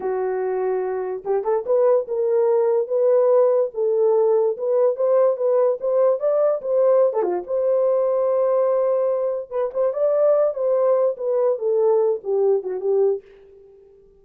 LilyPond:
\new Staff \with { instrumentName = "horn" } { \time 4/4 \tempo 4 = 145 fis'2. g'8 a'8 | b'4 ais'2 b'4~ | b'4 a'2 b'4 | c''4 b'4 c''4 d''4 |
c''4~ c''16 a'16 f'8 c''2~ | c''2. b'8 c''8 | d''4. c''4. b'4 | a'4. g'4 fis'8 g'4 | }